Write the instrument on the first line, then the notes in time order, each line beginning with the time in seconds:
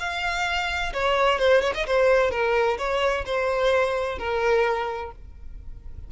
violin
0.00 F5
0.94 C#5
1.39 C5
1.62 C#5
1.75 D#5
1.87 C5
2.31 A#4
2.79 C#5
3.26 C5
4.19 A#4